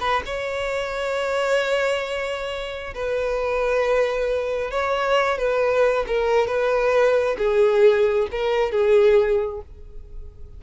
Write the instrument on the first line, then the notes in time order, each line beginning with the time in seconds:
violin
0.00 B4
0.25 C#5
2.94 B4
4.71 C#5
5.38 B4
6.07 A#4
6.47 B4
7.38 G#4
8.32 A#4
8.72 G#4